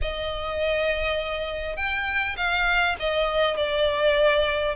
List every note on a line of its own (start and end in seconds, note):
0.01 1.76 D#5
1.76 2.35 G5
2.36 2.96 F5
2.99 3.56 D#5
3.56 4.75 D5